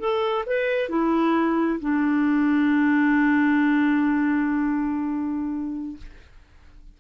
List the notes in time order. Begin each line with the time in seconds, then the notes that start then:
0.00 A4
0.47 B4
0.90 E4
1.80 D4